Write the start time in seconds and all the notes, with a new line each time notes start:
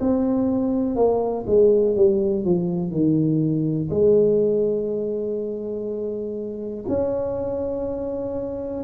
0.00 C4
0.96 A#3
1.47 G#3
1.96 G3
2.45 F3
2.91 D#3
3.90 G#3
6.89 C#4